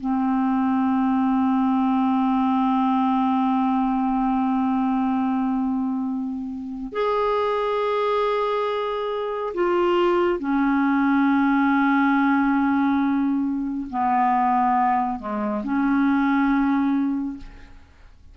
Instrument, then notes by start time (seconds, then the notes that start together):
clarinet
0.00 C4
6.92 G#4
9.54 F4
10.39 C#4
13.90 B3
15.19 G#3
15.63 C#4